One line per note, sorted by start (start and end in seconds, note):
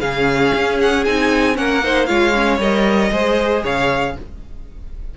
0.00 0.52 C#3
0.00 1.05 C#4
0.00 1.56 G#4
0.00 0.78 F5
0.55 1.07 C#4
0.81 1.05 F#5
1.05 1.58 C4
1.05 1.55 D#4
1.05 1.57 G#5
1.55 2.09 A#3
1.55 1.80 C#4
1.55 1.84 A#4
1.55 2.06 F#5
1.84 2.07 D#4
1.84 2.08 C5
2.06 2.59 G#3
2.06 2.33 F4
2.06 3.12 C#5
2.06 2.57 F5
2.34 2.60 C#4
2.59 3.10 G3
2.59 3.12 A#4
2.59 3.65 D#5
3.12 3.64 G#3
3.12 4.15 G#4
3.12 3.63 C5
3.63 4.16 C#3
3.63 4.15 C#5
3.63 4.18 F5